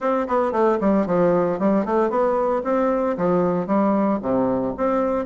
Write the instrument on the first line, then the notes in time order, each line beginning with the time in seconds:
bassoon
0.00 C4
0.27 B3
0.51 A3
0.80 G3
1.06 F3
1.59 G3
1.85 A3
2.09 B3
2.64 C4
3.17 F3
3.66 G3
4.22 C3
4.77 C4